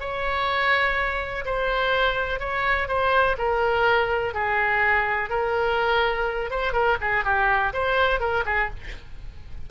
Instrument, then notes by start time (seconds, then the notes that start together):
oboe
0.00 C#5
1.45 C5
2.40 C#5
2.88 C5
3.38 A#4
4.34 G#4
5.30 A#4
6.50 C5
6.73 A#4
7.01 G#4
7.25 G4
7.73 C5
8.20 A#4
8.46 G#4